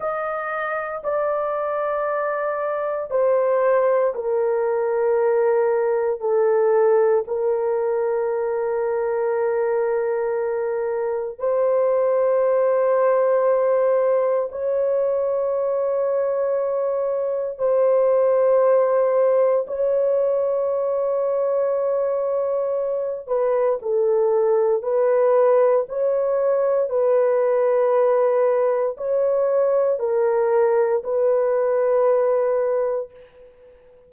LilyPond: \new Staff \with { instrumentName = "horn" } { \time 4/4 \tempo 4 = 58 dis''4 d''2 c''4 | ais'2 a'4 ais'4~ | ais'2. c''4~ | c''2 cis''2~ |
cis''4 c''2 cis''4~ | cis''2~ cis''8 b'8 a'4 | b'4 cis''4 b'2 | cis''4 ais'4 b'2 | }